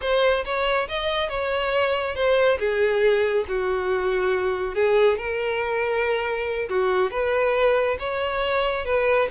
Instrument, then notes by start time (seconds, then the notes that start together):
violin
0.01 C5
0.44 C#5
0.88 D#5
1.29 C#5
2.15 C5
2.59 G#4
3.47 F#4
4.74 G#4
5.17 A#4
6.69 F#4
7.10 B4
7.99 C#5
8.85 B4